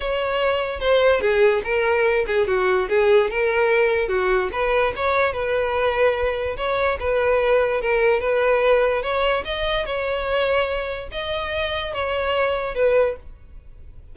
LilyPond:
\new Staff \with { instrumentName = "violin" } { \time 4/4 \tempo 4 = 146 cis''2 c''4 gis'4 | ais'4. gis'8 fis'4 gis'4 | ais'2 fis'4 b'4 | cis''4 b'2. |
cis''4 b'2 ais'4 | b'2 cis''4 dis''4 | cis''2. dis''4~ | dis''4 cis''2 b'4 | }